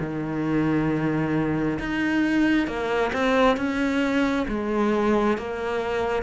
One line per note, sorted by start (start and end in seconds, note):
0.00 1.79 D#3
1.80 2.67 D#4
2.67 3.12 A#3
3.13 3.57 C4
3.57 4.47 C#4
4.49 5.38 G#3
5.38 6.23 A#3